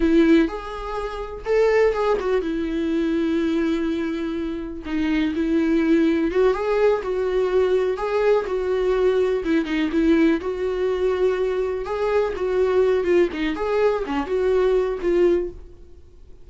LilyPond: \new Staff \with { instrumentName = "viola" } { \time 4/4 \tempo 4 = 124 e'4 gis'2 a'4 | gis'8 fis'8 e'2.~ | e'2 dis'4 e'4~ | e'4 fis'8 gis'4 fis'4.~ |
fis'8 gis'4 fis'2 e'8 | dis'8 e'4 fis'2~ fis'8~ | fis'8 gis'4 fis'4. f'8 dis'8 | gis'4 cis'8 fis'4. f'4 | }